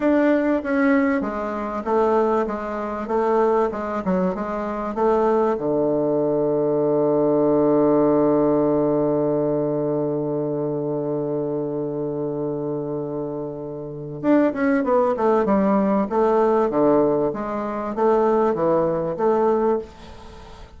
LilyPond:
\new Staff \with { instrumentName = "bassoon" } { \time 4/4 \tempo 4 = 97 d'4 cis'4 gis4 a4 | gis4 a4 gis8 fis8 gis4 | a4 d2.~ | d1~ |
d1~ | d2. d'8 cis'8 | b8 a8 g4 a4 d4 | gis4 a4 e4 a4 | }